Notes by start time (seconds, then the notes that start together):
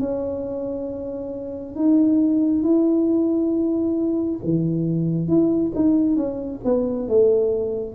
0.00 C#4
1.76 D#4
2.64 E4
4.44 E3
5.28 E4
5.75 D#4
6.16 C#4
6.65 B3
7.09 A3